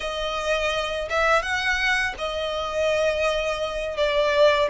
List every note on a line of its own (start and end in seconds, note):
0.00 1.08 D#5
1.09 1.42 E5
1.42 2.14 F#5
2.18 3.96 D#5
3.96 4.69 D5